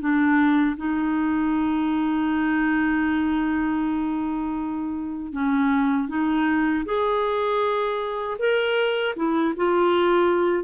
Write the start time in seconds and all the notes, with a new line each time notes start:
0.00 D4
0.77 D#4
5.32 C#4
6.08 D#4
6.85 G#4
8.39 A#4
9.16 E4
9.56 F4